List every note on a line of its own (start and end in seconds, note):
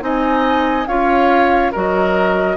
0.00 0.86 C4
0.00 0.85 D#4
0.00 0.88 D#5
0.00 0.87 G#5
0.87 1.71 C#4
0.87 1.72 F4
0.87 1.71 C#5
0.87 1.71 F5
1.71 2.56 F#3
1.71 2.56 F#4
1.71 2.56 A#4
1.71 2.56 D#5